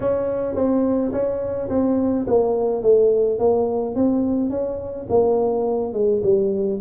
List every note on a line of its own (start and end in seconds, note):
0.00 0.55 C#4
0.55 1.11 C4
1.12 1.69 C#4
1.69 2.25 C4
2.27 2.82 A#3
2.82 3.39 A3
3.39 3.95 A#3
3.95 4.50 C4
4.50 5.06 C#4
5.09 5.93 A#3
5.93 6.21 G#3
6.23 6.80 G3